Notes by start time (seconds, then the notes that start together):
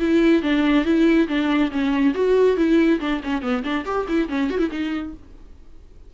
0.00 E4
0.43 D4
0.85 E4
1.28 D4
1.72 C#4
2.15 F#4
2.57 E4
3.00 D4
3.24 C#4
3.42 B3
3.64 D4
3.86 G4
4.09 E4
4.29 C#4
4.51 F#4
4.59 E4
4.71 D#4